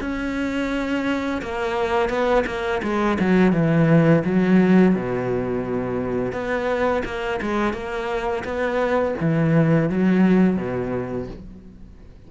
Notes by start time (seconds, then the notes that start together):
0.00 C#4
1.42 A#3
2.09 B3
2.46 A#3
2.82 G#3
3.19 F#3
3.52 E3
4.24 F#3
4.95 B2
6.32 B3
7.05 A#3
7.41 G#3
7.73 A#3
8.44 B3
9.20 E3
9.90 F#3
10.57 B2